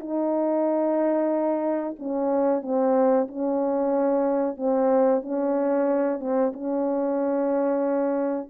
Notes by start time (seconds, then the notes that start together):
0.00 D#4
1.99 C#4
2.62 C4
3.28 C#4
4.57 C4
5.22 C#4
6.20 C4
6.53 C#4